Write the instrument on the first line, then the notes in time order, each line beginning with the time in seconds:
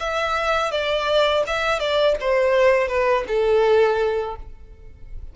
violin
0.00 E5
0.72 D5
1.47 E5
1.80 D5
2.21 C5
2.88 B4
3.28 A4